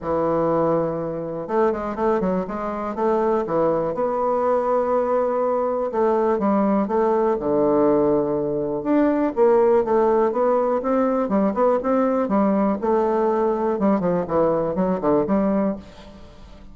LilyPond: \new Staff \with { instrumentName = "bassoon" } { \time 4/4 \tempo 4 = 122 e2. a8 gis8 | a8 fis8 gis4 a4 e4 | b1 | a4 g4 a4 d4~ |
d2 d'4 ais4 | a4 b4 c'4 g8 b8 | c'4 g4 a2 | g8 f8 e4 fis8 d8 g4 | }